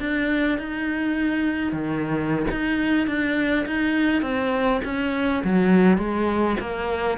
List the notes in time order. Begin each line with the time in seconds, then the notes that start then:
0.00 D4
0.59 D#4
1.73 D#3
2.51 D#4
3.08 D4
3.67 D#4
4.22 C4
4.84 C#4
5.44 F#3
5.98 G#3
6.61 A#3